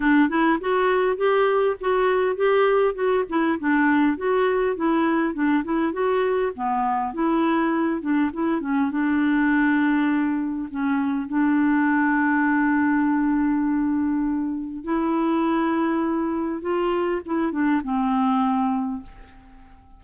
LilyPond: \new Staff \with { instrumentName = "clarinet" } { \time 4/4 \tempo 4 = 101 d'8 e'8 fis'4 g'4 fis'4 | g'4 fis'8 e'8 d'4 fis'4 | e'4 d'8 e'8 fis'4 b4 | e'4. d'8 e'8 cis'8 d'4~ |
d'2 cis'4 d'4~ | d'1~ | d'4 e'2. | f'4 e'8 d'8 c'2 | }